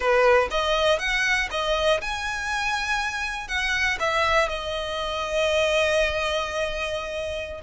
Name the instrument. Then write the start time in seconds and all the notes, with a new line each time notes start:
violin
0.00 B4
0.50 D#5
0.99 F#5
1.50 D#5
2.01 G#5
3.47 F#5
3.99 E5
4.48 D#5